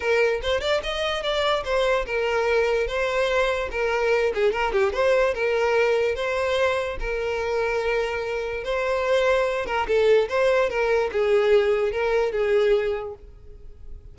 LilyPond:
\new Staff \with { instrumentName = "violin" } { \time 4/4 \tempo 4 = 146 ais'4 c''8 d''8 dis''4 d''4 | c''4 ais'2 c''4~ | c''4 ais'4. gis'8 ais'8 g'8 | c''4 ais'2 c''4~ |
c''4 ais'2.~ | ais'4 c''2~ c''8 ais'8 | a'4 c''4 ais'4 gis'4~ | gis'4 ais'4 gis'2 | }